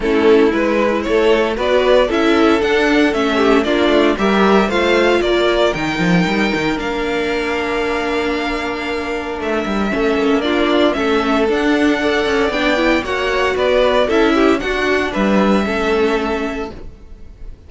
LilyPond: <<
  \new Staff \with { instrumentName = "violin" } { \time 4/4 \tempo 4 = 115 a'4 b'4 cis''4 d''4 | e''4 fis''4 e''4 d''4 | e''4 f''4 d''4 g''4~ | g''4 f''2.~ |
f''2 e''2 | d''4 e''4 fis''2 | g''4 fis''4 d''4 e''4 | fis''4 e''2. | }
  \new Staff \with { instrumentName = "violin" } { \time 4/4 e'2 a'4 b'4 | a'2~ a'8 g'8 f'4 | ais'4 c''4 ais'2~ | ais'1~ |
ais'2. a'4 | f'4 a'2 d''4~ | d''4 cis''4 b'4 a'8 g'8 | fis'4 b'4 a'2 | }
  \new Staff \with { instrumentName = "viola" } { \time 4/4 cis'4 e'2 fis'4 | e'4 d'4 cis'4 d'4 | g'4 f'2 dis'4~ | dis'4 d'2.~ |
d'2. cis'4 | d'4 cis'4 d'4 a'4 | d'8 e'8 fis'2 e'4 | d'2 cis'2 | }
  \new Staff \with { instrumentName = "cello" } { \time 4/4 a4 gis4 a4 b4 | cis'4 d'4 a4 ais8 a8 | g4 a4 ais4 dis8 f8 | g8 dis8 ais2.~ |
ais2 a8 g8 a8 ais8~ | ais4 a4 d'4. cis'8 | b4 ais4 b4 cis'4 | d'4 g4 a2 | }
>>